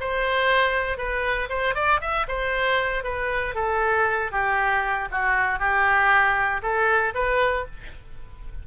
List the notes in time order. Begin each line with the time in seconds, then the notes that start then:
0.00 C5
0.97 B4
1.49 C5
1.75 D5
2.01 E5
2.28 C5
3.04 B4
3.55 A4
4.32 G4
5.11 F#4
5.59 G4
6.62 A4
7.14 B4